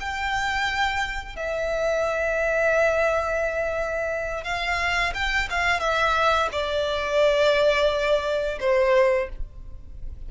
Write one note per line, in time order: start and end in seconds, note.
0.00 1.36 G5
1.36 4.44 E5
4.44 5.13 F5
5.14 5.49 G5
5.50 5.80 F5
5.80 6.49 E5
6.52 8.59 D5
8.60 9.29 C5